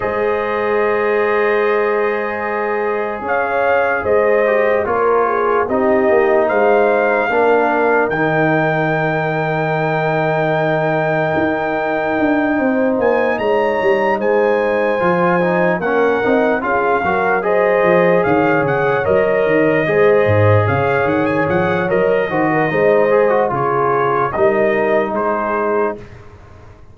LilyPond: <<
  \new Staff \with { instrumentName = "trumpet" } { \time 4/4 \tempo 4 = 74 dis''1 | f''4 dis''4 cis''4 dis''4 | f''2 g''2~ | g''1 |
gis''8 ais''4 gis''2 fis''8~ | fis''8 f''4 dis''4 f''8 fis''8 dis''8~ | dis''4. f''8 fis''16 gis''16 fis''8 dis''4~ | dis''4 cis''4 dis''4 c''4 | }
  \new Staff \with { instrumentName = "horn" } { \time 4/4 c''1 | cis''4 c''4 ais'8 gis'8 g'4 | c''4 ais'2.~ | ais'2.~ ais'8 c''8~ |
c''8 cis''4 c''2 ais'8~ | ais'8 gis'8 ais'8 c''4 cis''4.~ | cis''8 c''4 cis''2 c''16 ais'16 | c''4 gis'4 ais'4 gis'4 | }
  \new Staff \with { instrumentName = "trombone" } { \time 4/4 gis'1~ | gis'4. g'8 f'4 dis'4~ | dis'4 d'4 dis'2~ | dis'1~ |
dis'2~ dis'8 f'8 dis'8 cis'8 | dis'8 f'8 fis'8 gis'2 ais'8~ | ais'8 gis'2~ gis'8 ais'8 fis'8 | dis'8 gis'16 fis'16 f'4 dis'2 | }
  \new Staff \with { instrumentName = "tuba" } { \time 4/4 gis1 | cis'4 gis4 ais4 c'8 ais8 | gis4 ais4 dis2~ | dis2 dis'4 d'8 c'8 |
ais8 gis8 g8 gis4 f4 ais8 | c'8 cis'8 fis4 f8 dis8 cis8 fis8 | dis8 gis8 gis,8 cis8 dis8 f8 fis8 dis8 | gis4 cis4 g4 gis4 | }
>>